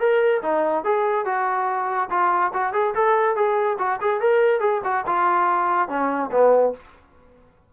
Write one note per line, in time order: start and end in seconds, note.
0.00 0.42 A#4
0.43 0.84 D#4
0.84 1.26 G#4
1.26 2.10 F#4
2.11 2.53 F4
2.54 2.73 F#4
2.73 2.94 G#4
2.95 3.36 A4
3.36 3.78 G#4
3.79 4.00 F#4
4.01 4.21 G#4
4.21 4.61 A#4
4.61 4.82 G#4
4.84 5.05 F#4
5.07 5.89 F4
5.89 6.31 C#4
6.31 6.73 B3